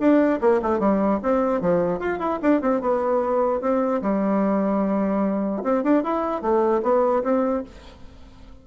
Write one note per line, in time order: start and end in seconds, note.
0.00 0.40 D4
0.41 0.61 A#3
0.63 0.80 A3
0.80 1.20 G3
1.23 1.61 C4
1.61 2.00 F3
2.00 2.20 F4
2.20 2.40 E4
2.43 2.62 D4
2.62 2.82 C4
2.82 3.61 B3
3.61 4.02 C4
4.02 5.63 G3
5.64 5.84 C4
5.84 6.04 D4
6.04 6.42 E4
6.42 6.82 A3
6.83 7.23 B3
7.24 7.64 C4